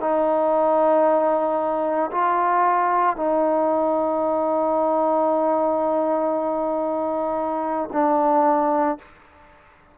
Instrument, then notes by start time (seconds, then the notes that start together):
trombone
0.00 D#4
2.11 F4
3.16 D#4
7.93 D4